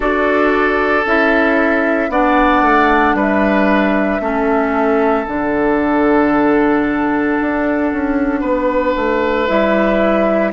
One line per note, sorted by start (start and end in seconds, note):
0.00 1.04 D4
0.00 1.02 F#4
0.00 2.10 A4
0.00 1.05 D5
1.05 2.09 C#4
1.05 2.10 E4
1.05 2.11 E5
2.09 2.61 B3
2.09 4.20 D4
2.09 3.16 D5
2.09 3.16 F#5
2.62 3.14 A3
3.14 4.19 G3
3.14 4.21 B4
3.20 5.25 E5
4.20 5.25 A3
4.20 5.26 C#4
4.20 8.40 A4
5.25 7.38 D3
5.25 9.47 D4
5.25 9.46 F#5
7.40 7.93 D4
7.93 8.41 C#4
8.40 8.94 B3
8.40 10.51 B4
8.96 9.48 A3
9.46 10.52 G3
9.46 10.52 E4
9.46 10.52 E5